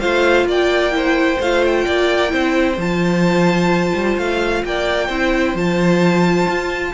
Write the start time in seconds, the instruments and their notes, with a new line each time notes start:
0.00 cello A3, viola F4, violin C5 F5
0.45 cello A#3, violin D5 G5
0.91 viola E4, violin C5
1.40 cello A3, viola F4, violin F5
1.66 violin G5
1.85 cello A#3, violin D5
2.28 cello C4, viola E4, violin C5
2.77 cello F3, viola F4, violin A5
3.94 cello G3
4.18 cello A3, violin F5
4.64 cello A#3, violin D5 G5
5.07 cello C4, viola E4, violin C5
5.54 cello F3, viola F4, violin A5
6.48 cello F4